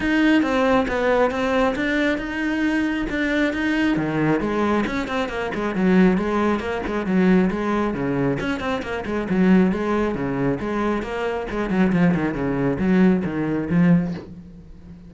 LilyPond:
\new Staff \with { instrumentName = "cello" } { \time 4/4 \tempo 4 = 136 dis'4 c'4 b4 c'4 | d'4 dis'2 d'4 | dis'4 dis4 gis4 cis'8 c'8 | ais8 gis8 fis4 gis4 ais8 gis8 |
fis4 gis4 cis4 cis'8 c'8 | ais8 gis8 fis4 gis4 cis4 | gis4 ais4 gis8 fis8 f8 dis8 | cis4 fis4 dis4 f4 | }